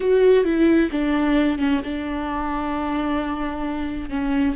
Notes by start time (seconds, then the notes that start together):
0.00 F#4
0.44 E4
0.91 D4
1.58 C#4
1.84 D4
4.09 C#4